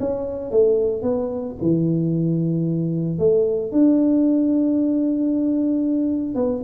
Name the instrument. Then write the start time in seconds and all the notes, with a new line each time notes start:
tuba
0.00 C#4
0.51 A3
1.03 B3
1.62 E3
3.19 A3
3.72 D4
6.35 B3